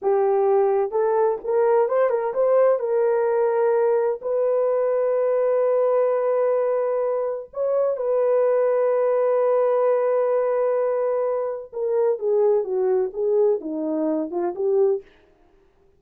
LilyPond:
\new Staff \with { instrumentName = "horn" } { \time 4/4 \tempo 4 = 128 g'2 a'4 ais'4 | c''8 ais'8 c''4 ais'2~ | ais'4 b'2.~ | b'1 |
cis''4 b'2.~ | b'1~ | b'4 ais'4 gis'4 fis'4 | gis'4 dis'4. f'8 g'4 | }